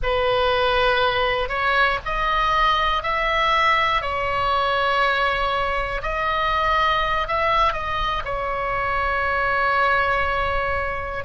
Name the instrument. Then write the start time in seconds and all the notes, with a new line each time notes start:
oboe
0.03 B4
1.48 C#5
2.05 D#5
3.03 E5
4.01 C#5
6.02 D#5
7.27 E5
7.72 D#5
8.25 C#5